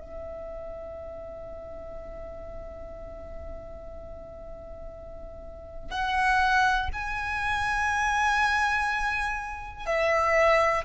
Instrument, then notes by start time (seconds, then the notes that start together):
violin
0.00 E5
5.91 F#5
6.93 G#5
9.86 E5